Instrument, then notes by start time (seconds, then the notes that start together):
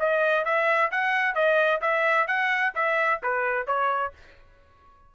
trumpet
0.00 D#5
0.45 E5
0.91 F#5
1.35 D#5
1.82 E5
2.28 F#5
2.75 E5
3.23 B4
3.67 C#5